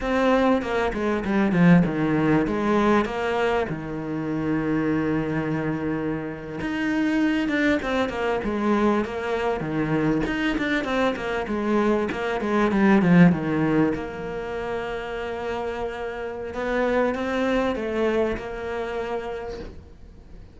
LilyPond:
\new Staff \with { instrumentName = "cello" } { \time 4/4 \tempo 4 = 98 c'4 ais8 gis8 g8 f8 dis4 | gis4 ais4 dis2~ | dis2~ dis8. dis'4~ dis'16~ | dis'16 d'8 c'8 ais8 gis4 ais4 dis16~ |
dis8. dis'8 d'8 c'8 ais8 gis4 ais16~ | ais16 gis8 g8 f8 dis4 ais4~ ais16~ | ais2. b4 | c'4 a4 ais2 | }